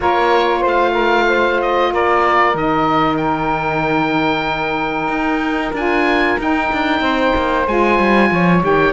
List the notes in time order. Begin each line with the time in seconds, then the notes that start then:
0.00 A#3 F4 A#4 C#5
0.59 A3 C5
0.67 F5
0.93 A#4
1.28 C5
1.61 D#5
1.92 A#3 A#4 D5
2.54 D#3 D#4 D#5
3.16 G5
5.07 D#4
5.72 D4 F4 G#5
6.38 D#4 G5
6.72 D4
7.00 C4 C5
7.35 A#3
7.66 G#3 F4 G#5
7.98 G3
8.30 F3 C#5
8.61 D#3 G4 G5